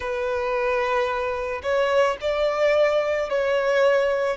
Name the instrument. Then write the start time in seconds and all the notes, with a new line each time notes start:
violin
0.00 B4
1.62 C#5
2.20 D5
3.29 C#5